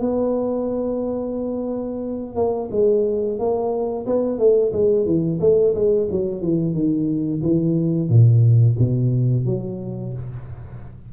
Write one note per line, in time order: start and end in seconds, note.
0.00 2.36 B3
2.36 2.69 A#3
2.71 3.39 G#3
3.39 4.06 A#3
4.06 4.39 B3
4.39 4.73 A3
4.73 5.06 G#3
5.06 5.39 E3
5.41 5.74 A3
5.75 6.08 G#3
6.11 6.41 F#3
6.41 6.74 E3
6.74 7.41 D#3
7.43 8.09 E3
8.09 8.76 A#2
8.79 9.46 B2
9.46 10.13 F#3